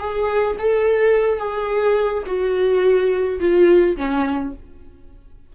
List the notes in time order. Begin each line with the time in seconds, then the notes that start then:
0.00 G#4
0.59 A4
1.39 G#4
2.27 F#4
3.40 F4
3.97 C#4